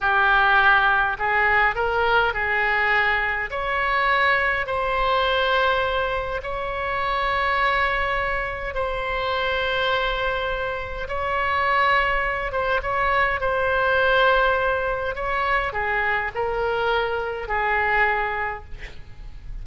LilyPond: \new Staff \with { instrumentName = "oboe" } { \time 4/4 \tempo 4 = 103 g'2 gis'4 ais'4 | gis'2 cis''2 | c''2. cis''4~ | cis''2. c''4~ |
c''2. cis''4~ | cis''4. c''8 cis''4 c''4~ | c''2 cis''4 gis'4 | ais'2 gis'2 | }